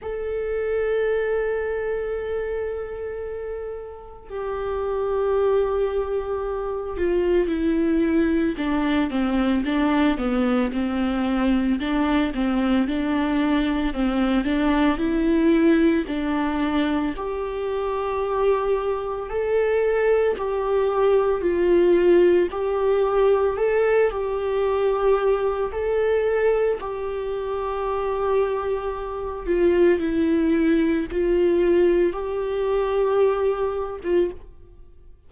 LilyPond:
\new Staff \with { instrumentName = "viola" } { \time 4/4 \tempo 4 = 56 a'1 | g'2~ g'8 f'8 e'4 | d'8 c'8 d'8 b8 c'4 d'8 c'8 | d'4 c'8 d'8 e'4 d'4 |
g'2 a'4 g'4 | f'4 g'4 a'8 g'4. | a'4 g'2~ g'8 f'8 | e'4 f'4 g'4.~ g'16 f'16 | }